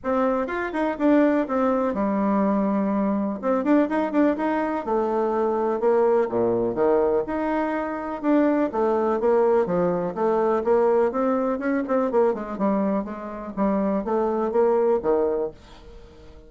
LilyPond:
\new Staff \with { instrumentName = "bassoon" } { \time 4/4 \tempo 4 = 124 c'4 f'8 dis'8 d'4 c'4 | g2. c'8 d'8 | dis'8 d'8 dis'4 a2 | ais4 ais,4 dis4 dis'4~ |
dis'4 d'4 a4 ais4 | f4 a4 ais4 c'4 | cis'8 c'8 ais8 gis8 g4 gis4 | g4 a4 ais4 dis4 | }